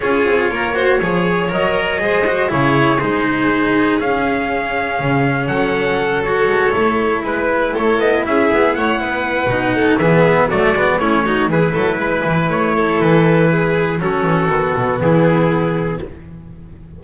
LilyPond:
<<
  \new Staff \with { instrumentName = "trumpet" } { \time 4/4 \tempo 4 = 120 cis''2. dis''4~ | dis''4 cis''4 c''2 | f''2. fis''4~ | fis''8 cis''2 b'4 cis''8 |
dis''8 e''4 fis''2~ fis''8 | e''4 d''4 cis''4 b'4~ | b'4 cis''4 b'2 | a'2 gis'2 | }
  \new Staff \with { instrumentName = "violin" } { \time 4/4 gis'4 ais'8 c''8 cis''2 | c''4 gis'2.~ | gis'2. a'4~ | a'2~ a'8 b'4 a'8~ |
a'8 gis'4 cis''8 b'4. a'8 | gis'4 fis'4 e'8 fis'8 gis'8 a'8 | b'4. a'4. gis'4 | fis'2 e'2 | }
  \new Staff \with { instrumentName = "cello" } { \time 4/4 f'4. fis'8 gis'4 ais'4 | gis'8 fis'8 e'4 dis'2 | cis'1~ | cis'8 fis'4 e'2~ e'8~ |
e'2. dis'4 | b4 a8 b8 cis'8 dis'8 e'4~ | e'1 | cis'4 b2. | }
  \new Staff \with { instrumentName = "double bass" } { \time 4/4 cis'8 c'8 ais4 f4 fis4 | gis4 cis4 gis2 | cis'2 cis4 fis4~ | fis4 gis8 a4 gis4 a8 |
b8 cis'8 b8 a8 b4 b,4 | e4 fis8 gis8 a4 e8 fis8 | gis8 e8 a4 e2 | fis8 e8 dis8 b,8 e2 | }
>>